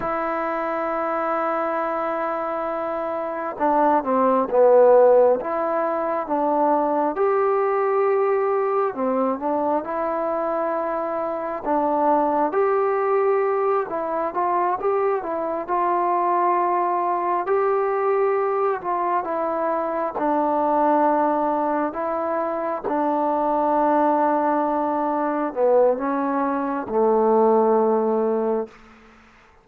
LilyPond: \new Staff \with { instrumentName = "trombone" } { \time 4/4 \tempo 4 = 67 e'1 | d'8 c'8 b4 e'4 d'4 | g'2 c'8 d'8 e'4~ | e'4 d'4 g'4. e'8 |
f'8 g'8 e'8 f'2 g'8~ | g'4 f'8 e'4 d'4.~ | d'8 e'4 d'2~ d'8~ | d'8 b8 cis'4 a2 | }